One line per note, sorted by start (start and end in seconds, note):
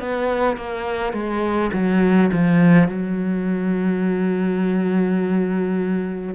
0.00 0.57 B3
0.57 1.13 A#3
1.13 1.71 G#3
1.73 2.31 F#3
2.33 2.88 F3
2.88 6.35 F#3